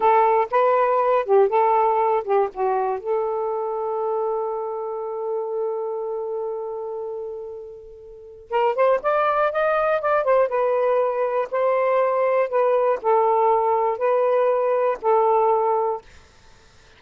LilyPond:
\new Staff \with { instrumentName = "saxophone" } { \time 4/4 \tempo 4 = 120 a'4 b'4. g'8 a'4~ | a'8 g'8 fis'4 a'2~ | a'1~ | a'1~ |
a'4 ais'8 c''8 d''4 dis''4 | d''8 c''8 b'2 c''4~ | c''4 b'4 a'2 | b'2 a'2 | }